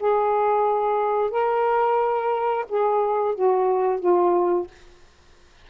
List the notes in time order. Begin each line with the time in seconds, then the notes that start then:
0.00 G#4
1.31 A#4
2.69 G#4
3.35 F#4
4.00 F4